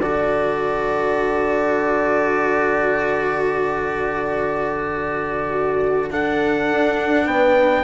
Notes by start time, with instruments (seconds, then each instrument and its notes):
0.00 bassoon D3, cello F#4, horn A4, trumpet D5
5.50 horn F#4
6.11 cello D4, horn A4, trumpet F#5
6.72 bassoon D4
7.26 bassoon B3, horn B4, trumpet G5